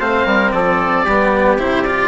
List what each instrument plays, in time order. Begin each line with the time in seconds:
0.00 bassoon A3, cello C4, trumpet C5, oboe F5
0.26 bassoon G3, trumpet A#4
0.52 bassoon F3, trumpet A4, oboe D5
1.05 bassoon G3, cello B3, trumpet G4
1.59 bassoon C3, cello E4, oboe C5
1.84 cello F4, oboe D5